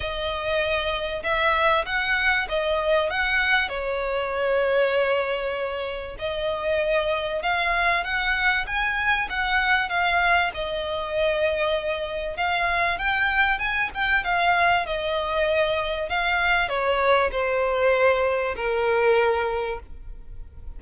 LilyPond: \new Staff \with { instrumentName = "violin" } { \time 4/4 \tempo 4 = 97 dis''2 e''4 fis''4 | dis''4 fis''4 cis''2~ | cis''2 dis''2 | f''4 fis''4 gis''4 fis''4 |
f''4 dis''2. | f''4 g''4 gis''8 g''8 f''4 | dis''2 f''4 cis''4 | c''2 ais'2 | }